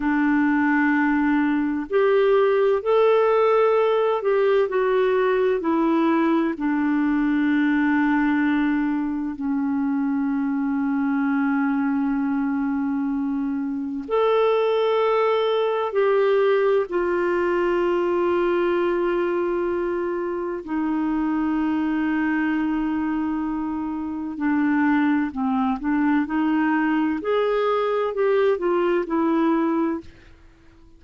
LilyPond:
\new Staff \with { instrumentName = "clarinet" } { \time 4/4 \tempo 4 = 64 d'2 g'4 a'4~ | a'8 g'8 fis'4 e'4 d'4~ | d'2 cis'2~ | cis'2. a'4~ |
a'4 g'4 f'2~ | f'2 dis'2~ | dis'2 d'4 c'8 d'8 | dis'4 gis'4 g'8 f'8 e'4 | }